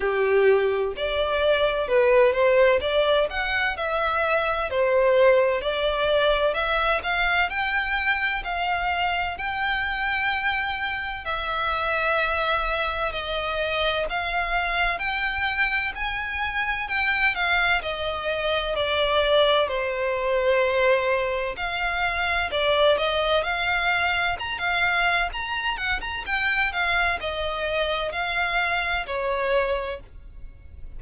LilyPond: \new Staff \with { instrumentName = "violin" } { \time 4/4 \tempo 4 = 64 g'4 d''4 b'8 c''8 d''8 fis''8 | e''4 c''4 d''4 e''8 f''8 | g''4 f''4 g''2 | e''2 dis''4 f''4 |
g''4 gis''4 g''8 f''8 dis''4 | d''4 c''2 f''4 | d''8 dis''8 f''4 ais''16 f''8. ais''8 fis''16 ais''16 | g''8 f''8 dis''4 f''4 cis''4 | }